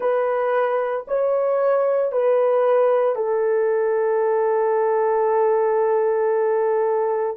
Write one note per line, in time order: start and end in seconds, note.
0.00 1.05 B4
1.07 2.11 C#5
2.11 3.15 B4
3.15 7.36 A4